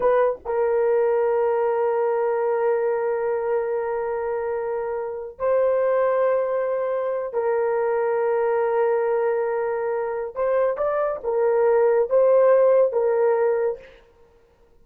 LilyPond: \new Staff \with { instrumentName = "horn" } { \time 4/4 \tempo 4 = 139 b'4 ais'2.~ | ais'1~ | ais'1~ | ais'8 c''2.~ c''8~ |
c''4 ais'2.~ | ais'1 | c''4 d''4 ais'2 | c''2 ais'2 | }